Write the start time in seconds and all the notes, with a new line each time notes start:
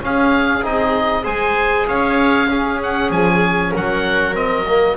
0.00 C#4 G#4 F5
0.64 C4 D#4 D#5
1.23 G#3 G#4 C5 G#5
1.88 C#4 C#5 F5
2.48 C#4 G#4
2.83 F#5
3.10 F3 G#5
3.72 F#3 A#4 F#5
4.34 C4 D#5
4.67 A#3